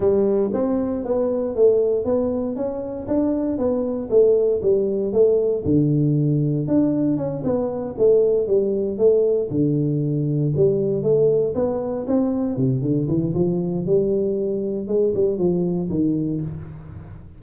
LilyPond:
\new Staff \with { instrumentName = "tuba" } { \time 4/4 \tempo 4 = 117 g4 c'4 b4 a4 | b4 cis'4 d'4 b4 | a4 g4 a4 d4~ | d4 d'4 cis'8 b4 a8~ |
a8 g4 a4 d4.~ | d8 g4 a4 b4 c'8~ | c'8 c8 d8 e8 f4 g4~ | g4 gis8 g8 f4 dis4 | }